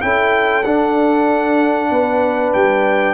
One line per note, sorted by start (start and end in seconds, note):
0.00 0.65 C#4
0.00 0.63 E4
0.00 1.90 A4
0.00 0.63 G5
0.63 1.90 D4
0.63 3.14 D4
0.63 2.53 F#5
1.90 2.53 B3
1.90 3.14 B4
2.53 3.14 G3
2.53 3.14 G5